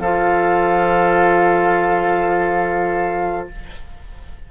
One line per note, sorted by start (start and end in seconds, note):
0.00 3.48 F3
0.00 3.51 F4
0.00 3.49 A4
0.00 3.48 F5